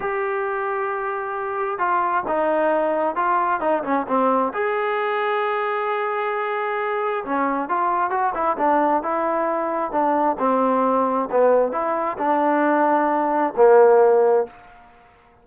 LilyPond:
\new Staff \with { instrumentName = "trombone" } { \time 4/4 \tempo 4 = 133 g'1 | f'4 dis'2 f'4 | dis'8 cis'8 c'4 gis'2~ | gis'1 |
cis'4 f'4 fis'8 e'8 d'4 | e'2 d'4 c'4~ | c'4 b4 e'4 d'4~ | d'2 ais2 | }